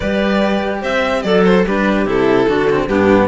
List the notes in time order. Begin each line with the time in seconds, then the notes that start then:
0.00 G3 G4 B4 D5
0.81 C4 C5 E5
1.22 F#3 A4 D5
1.44 C5
1.64 G3 D4 G4 B4
2.05 C3 E4 A4
2.46 D3 D4 F#4
2.70 C4
2.86 G2 B3 D4 G4